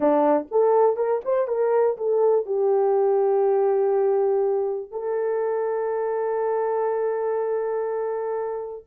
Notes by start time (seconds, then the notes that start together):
0.00 D4
0.51 A4
0.96 A#4
1.25 C5
1.47 A#4
1.97 A4
2.46 G4
4.91 A4